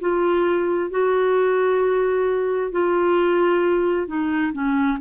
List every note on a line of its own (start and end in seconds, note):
0.00 0.90 F4
0.90 2.71 F#4
2.71 4.07 F4
4.07 4.52 D#4
4.52 4.98 C#4